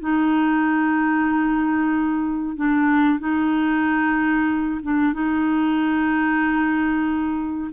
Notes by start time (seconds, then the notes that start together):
0.00 D#4
2.56 D4
3.19 D#4
4.82 D4
5.13 D#4